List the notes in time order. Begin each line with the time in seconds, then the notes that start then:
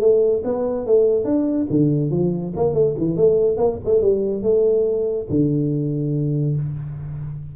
0.00 A3
0.44 B3
0.86 A3
1.24 D4
1.70 D3
2.10 F3
2.56 A#3
2.74 A3
2.98 E3
3.16 A3
3.57 A#3
3.85 A3
4.01 G3
4.43 A3
5.30 D3